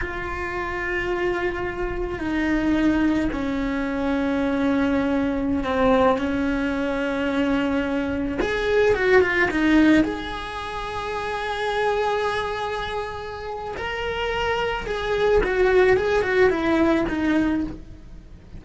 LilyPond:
\new Staff \with { instrumentName = "cello" } { \time 4/4 \tempo 4 = 109 f'1 | dis'2 cis'2~ | cis'2~ cis'16 c'4 cis'8.~ | cis'2.~ cis'16 gis'8.~ |
gis'16 fis'8 f'8 dis'4 gis'4.~ gis'16~ | gis'1~ | gis'4 ais'2 gis'4 | fis'4 gis'8 fis'8 e'4 dis'4 | }